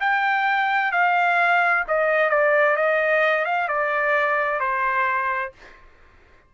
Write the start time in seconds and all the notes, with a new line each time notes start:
0.00 G5
0.91 F5
1.88 D#5
2.30 D5
2.76 D#5
3.45 F5
3.68 D5
4.59 C5